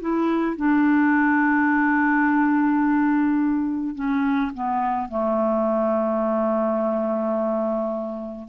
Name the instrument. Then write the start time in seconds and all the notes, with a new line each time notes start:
clarinet
0.00 E4
0.57 D4
3.95 C#4
4.54 B3
5.09 A3